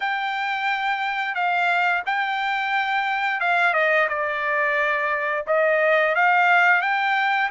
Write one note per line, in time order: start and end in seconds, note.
0.00 1.34 G5
1.34 2.02 F5
2.06 3.40 G5
3.40 3.73 F5
3.73 4.07 D#5
4.08 5.45 D5
5.46 6.15 D#5
6.15 6.82 F5
6.82 7.50 G5